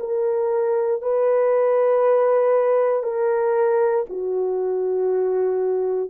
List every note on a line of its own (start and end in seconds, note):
0.00 1.02 A#4
1.02 3.03 B4
3.03 4.05 A#4
4.09 6.10 F#4